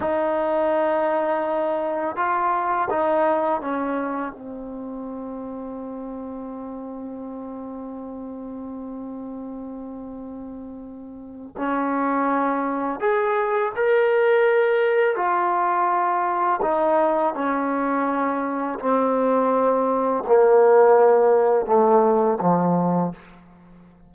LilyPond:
\new Staff \with { instrumentName = "trombone" } { \time 4/4 \tempo 4 = 83 dis'2. f'4 | dis'4 cis'4 c'2~ | c'1~ | c'1 |
cis'2 gis'4 ais'4~ | ais'4 f'2 dis'4 | cis'2 c'2 | ais2 a4 f4 | }